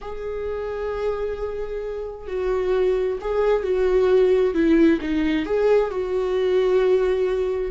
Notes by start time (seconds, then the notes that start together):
0.01 G#4
2.27 F#4
3.20 G#4
3.63 F#4
4.54 E4
5.01 D#4
5.45 G#4
5.90 F#4